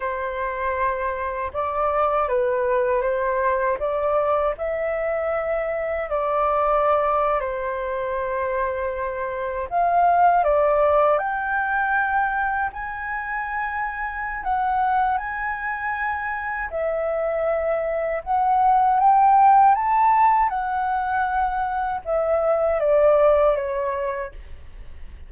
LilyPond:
\new Staff \with { instrumentName = "flute" } { \time 4/4 \tempo 4 = 79 c''2 d''4 b'4 | c''4 d''4 e''2 | d''4.~ d''16 c''2~ c''16~ | c''8. f''4 d''4 g''4~ g''16~ |
g''8. gis''2~ gis''16 fis''4 | gis''2 e''2 | fis''4 g''4 a''4 fis''4~ | fis''4 e''4 d''4 cis''4 | }